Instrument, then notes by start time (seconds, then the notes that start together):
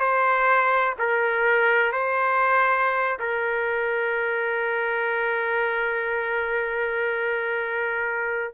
trumpet
0.00 C5
0.99 A#4
1.92 C5
3.19 A#4